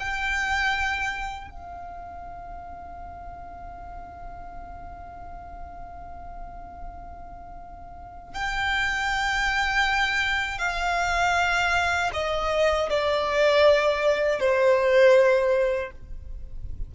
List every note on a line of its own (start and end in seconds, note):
0.00 1.51 G5
1.51 8.34 F5
8.34 10.59 G5
10.59 12.11 F5
12.13 12.89 D#5
12.90 14.40 D5
14.40 15.92 C5